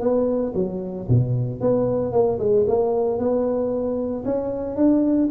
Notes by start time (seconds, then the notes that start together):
0.00 B3
0.54 F#3
1.08 B2
1.60 B3
2.12 A#3
2.39 G#3
2.67 A#3
3.18 B3
4.25 C#4
4.76 D4